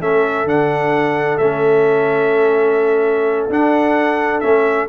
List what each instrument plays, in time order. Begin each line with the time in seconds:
0.00 tuba A3, trombone C#4, horn A4, trumpet E5
0.44 tuba D3, trombone D4, trumpet F#5
1.38 tuba A3, trombone C#4, trumpet E5
3.49 tuba D4, trombone D4, trumpet F#5
4.40 tuba A3, trombone C#4, trumpet E5